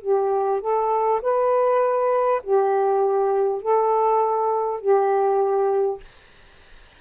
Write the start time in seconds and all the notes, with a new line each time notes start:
0.00 G4
0.60 A4
1.22 B4
2.43 G4
3.61 A4
4.80 G4